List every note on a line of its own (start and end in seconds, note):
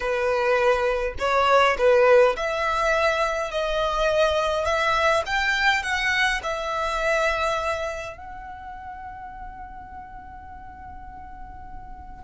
0.00 1.14 B4
1.18 1.77 C#5
1.77 2.36 B4
2.36 3.51 E5
3.51 4.65 D#5
4.65 5.23 E5
5.26 5.82 G5
5.82 6.41 F#5
6.43 8.17 E5
8.17 12.24 F#5